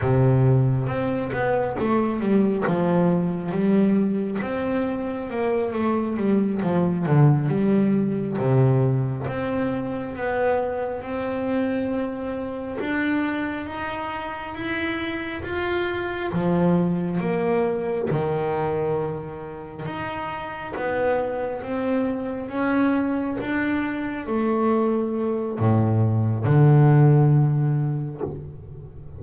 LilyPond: \new Staff \with { instrumentName = "double bass" } { \time 4/4 \tempo 4 = 68 c4 c'8 b8 a8 g8 f4 | g4 c'4 ais8 a8 g8 f8 | d8 g4 c4 c'4 b8~ | b8 c'2 d'4 dis'8~ |
dis'8 e'4 f'4 f4 ais8~ | ais8 dis2 dis'4 b8~ | b8 c'4 cis'4 d'4 a8~ | a4 a,4 d2 | }